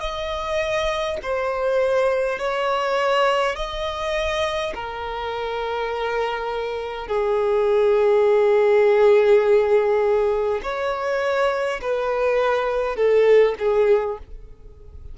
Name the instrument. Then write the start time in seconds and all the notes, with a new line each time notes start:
violin
0.00 D#5
1.22 C5
2.39 C#5
3.56 D#5
4.74 A#4
7.07 G#4
10.63 C#5
11.81 B4
12.96 A4
13.59 G#4